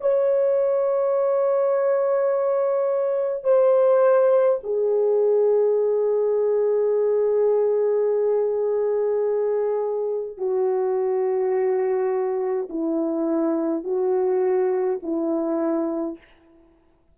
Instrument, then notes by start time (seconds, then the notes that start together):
horn
0.00 C#5
3.44 C5
4.63 G#4
10.37 F#4
12.69 E4
13.84 F#4
15.02 E4